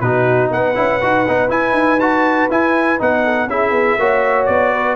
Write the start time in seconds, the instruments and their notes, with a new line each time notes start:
0.00 tuba B2, trombone D#4, horn F#4, trumpet B4
0.51 tuba B3, horn B4, trumpet F#5
0.75 tuba C#4, trombone E4
1.01 tuba D#4, trombone F#4
1.28 tuba B3, trombone D#4
1.49 tuba E4, trombone E4, trumpet G#5
1.72 tuba D#4
2.00 trombone F#4, trumpet A5
2.50 tuba E4, trombone E4, trumpet G#5
2.99 tuba B3, trombone D#4, trumpet F#5
3.23 horn A4
3.47 tuba C#4, trombone E4, horn G#4, trumpet E5
3.71 tuba B3
3.98 tuba A#3, trombone F#4, horn C#5
4.46 tuba B3, trumpet D5
4.72 horn B4